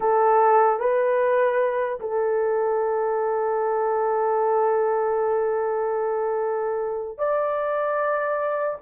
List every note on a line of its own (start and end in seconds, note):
0.00 0.79 A4
0.79 1.99 B4
2.00 7.17 A4
7.17 8.77 D5